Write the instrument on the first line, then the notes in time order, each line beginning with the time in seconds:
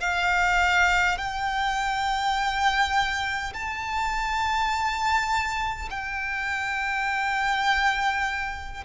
violin
0.00 F5
1.18 G5
3.53 A5
5.90 G5